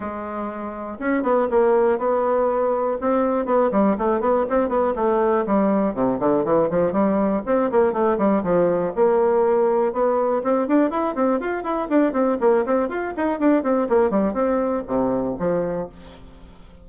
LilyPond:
\new Staff \with { instrumentName = "bassoon" } { \time 4/4 \tempo 4 = 121 gis2 cis'8 b8 ais4 | b2 c'4 b8 g8 | a8 b8 c'8 b8 a4 g4 | c8 d8 e8 f8 g4 c'8 ais8 |
a8 g8 f4 ais2 | b4 c'8 d'8 e'8 c'8 f'8 e'8 | d'8 c'8 ais8 c'8 f'8 dis'8 d'8 c'8 | ais8 g8 c'4 c4 f4 | }